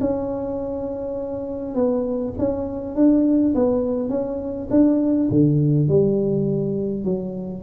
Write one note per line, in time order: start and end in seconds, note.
0.00 1.74 C#4
1.74 2.33 B3
2.38 2.95 C#4
2.95 3.54 D4
3.54 4.09 B3
4.09 4.67 C#4
4.70 5.29 D4
5.30 5.88 D3
5.88 7.04 G3
7.04 7.63 F#3